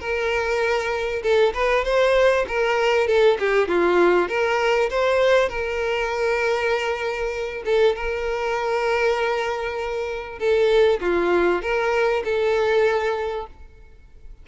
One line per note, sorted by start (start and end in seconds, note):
0.00 1.22 A#4
1.23 1.54 A4
1.54 1.85 B4
1.85 2.46 C5
2.48 3.07 A#4
3.07 3.38 A4
3.39 3.68 G4
3.68 4.29 F4
4.29 4.90 A#4
4.90 5.49 C5
5.49 7.63 A#4
7.66 7.96 A4
7.96 10.39 A#4
10.39 11.00 A4
11.01 11.62 F4
11.62 12.23 A#4
12.24 13.47 A4